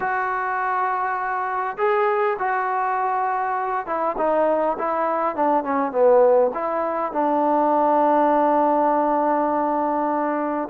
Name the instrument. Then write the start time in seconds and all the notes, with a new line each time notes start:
trombone
0.00 F#4
1.77 G#4
2.38 F#4
3.86 E4
4.17 D#4
4.78 E4
5.35 D4
5.63 C#4
5.91 B3
6.54 E4
7.12 D4